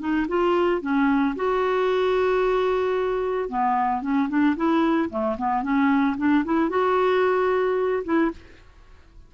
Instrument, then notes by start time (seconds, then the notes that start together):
clarinet
0.00 D#4
0.28 F4
0.82 C#4
1.36 F#4
3.49 B3
4.02 C#4
4.29 D4
4.56 E4
5.10 A3
5.38 B3
5.63 C#4
6.18 D4
6.45 E4
6.70 F#4
8.05 E4